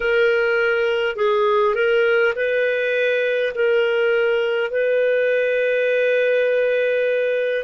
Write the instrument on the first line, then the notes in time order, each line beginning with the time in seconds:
clarinet
0.00 A#4
1.16 G#4
1.74 A#4
2.35 B4
3.55 A#4
4.71 B4